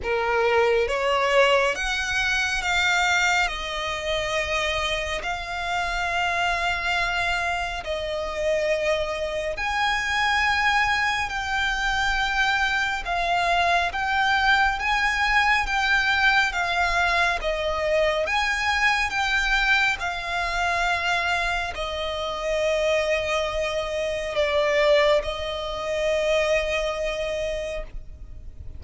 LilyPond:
\new Staff \with { instrumentName = "violin" } { \time 4/4 \tempo 4 = 69 ais'4 cis''4 fis''4 f''4 | dis''2 f''2~ | f''4 dis''2 gis''4~ | gis''4 g''2 f''4 |
g''4 gis''4 g''4 f''4 | dis''4 gis''4 g''4 f''4~ | f''4 dis''2. | d''4 dis''2. | }